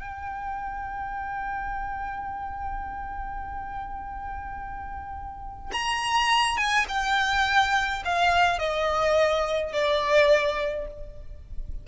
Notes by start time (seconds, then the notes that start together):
0.00 G5
5.73 A#5
6.57 G#5
6.89 G5
8.05 F5
8.59 D#5
9.73 D5